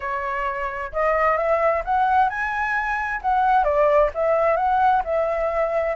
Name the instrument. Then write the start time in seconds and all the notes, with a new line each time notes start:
flute
0.00 C#5
0.92 D#5
1.37 E5
1.84 F#5
2.29 G#5
3.21 F#5
3.64 D5
4.14 E5
4.56 F#5
5.04 E5